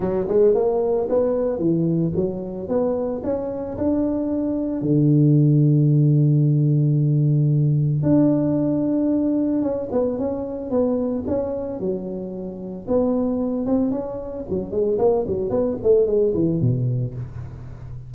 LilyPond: \new Staff \with { instrumentName = "tuba" } { \time 4/4 \tempo 4 = 112 fis8 gis8 ais4 b4 e4 | fis4 b4 cis'4 d'4~ | d'4 d2.~ | d2. d'4~ |
d'2 cis'8 b8 cis'4 | b4 cis'4 fis2 | b4. c'8 cis'4 fis8 gis8 | ais8 fis8 b8 a8 gis8 e8 b,4 | }